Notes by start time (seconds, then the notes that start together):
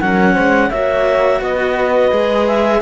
0.00 F#3 C#4 A#4 F#5
0.34 G#3 C5
0.70 A#3 F#4 C#5 E5
1.40 B3 B4 D#5
2.11 G#3 G#4
2.48 E5